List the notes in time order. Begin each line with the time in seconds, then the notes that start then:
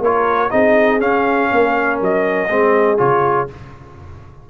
0.00 A#3 F4 A#4 C#5
0.50 C4 D#4 G#4 D#5
0.99 C#4 F5
1.51 A#3 A#4
2.00 F#3 D#5
2.49 G#3 C4 G#4
2.97 C#3 F4 C#5